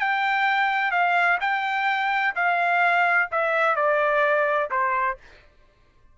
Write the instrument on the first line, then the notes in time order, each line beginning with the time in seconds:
trumpet
0.00 G5
0.91 F5
1.41 G5
2.35 F5
3.31 E5
3.76 D5
4.71 C5